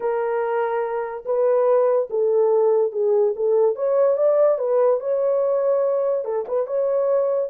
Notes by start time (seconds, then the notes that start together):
0.00 A#4
1.25 B4
2.09 A4
2.92 G#4
3.36 A4
3.75 C#5
4.17 D5
4.58 B4
5.00 C#5
6.24 A4
6.48 B4
6.66 C#5